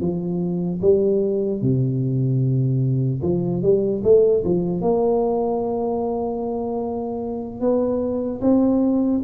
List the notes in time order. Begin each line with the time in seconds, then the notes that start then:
0.00 F3
0.81 G3
1.61 C3
3.22 F3
3.62 G3
4.03 A3
4.44 F3
4.81 A#3
7.60 B3
8.41 C4